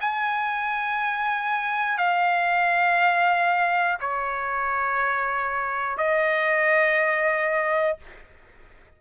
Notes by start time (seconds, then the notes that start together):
0.00 G#5
1.97 F5
4.00 C#5
5.97 D#5